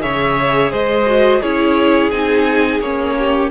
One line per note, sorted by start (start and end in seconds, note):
0.00 0.73 C#3
0.00 1.05 G#4
0.00 0.72 C#5
0.00 0.72 E5
0.72 1.42 G#3
0.72 1.42 C5
0.72 1.42 D#5
1.07 1.42 F#4
1.42 2.12 C#4
1.42 2.12 E4
1.42 3.16 G#4
1.42 2.11 C#5
2.11 2.80 C4
2.11 2.82 D#4
2.11 2.81 G#5
2.80 3.50 A#3
2.80 3.52 C#4
2.80 3.51 C#5
3.19 3.52 G4